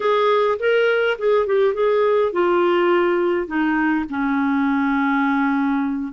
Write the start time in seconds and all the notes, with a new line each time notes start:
0.00 G#4
0.59 A#4
1.18 G#4
1.46 G4
1.74 G#4
2.32 F4
3.47 D#4
4.09 C#4